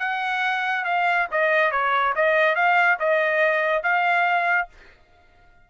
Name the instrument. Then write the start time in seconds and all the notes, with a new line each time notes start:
trumpet
0.00 F#5
0.85 F5
1.32 D#5
1.72 C#5
2.16 D#5
2.56 F5
3.00 D#5
3.84 F5